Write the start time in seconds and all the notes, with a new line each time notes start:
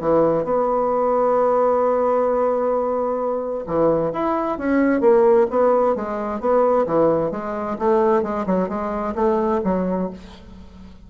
0.00 E3
0.44 B3
3.66 E3
4.13 E4
4.58 C#4
5.01 A#3
5.50 B3
5.96 G#3
6.40 B3
6.86 E3
7.31 G#3
7.78 A3
8.22 G#3
8.46 F#3
8.68 G#3
9.15 A3
9.64 F#3